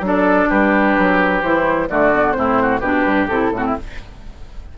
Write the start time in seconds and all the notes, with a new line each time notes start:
0.00 F#3 D4
0.06 A4 D5
0.49 G3 G4 B4
0.98 F#3
1.42 E3 E4 C5
1.88 D3 A3 F#4 D5
2.14 B3
2.32 A2 C4 C5
2.38 E4
2.61 F#4
2.80 B2 D4 G4 B4
3.05 G2
3.27 C3 E4 A4
3.51 A2 C4 F#4
3.65 E4